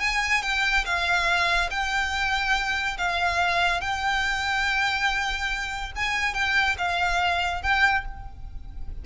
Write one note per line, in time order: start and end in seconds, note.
0.00 0.42 G#5
0.43 0.85 G5
0.85 1.70 F5
1.70 2.97 G5
2.98 3.81 F5
3.81 5.92 G5
5.96 6.34 G#5
6.34 6.76 G5
6.78 7.62 F5
7.62 8.05 G5